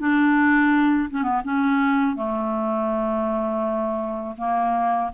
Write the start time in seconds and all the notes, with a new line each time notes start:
0.00 D4
1.10 C#4
1.24 B3
1.45 C#4
2.17 A3
4.38 A#3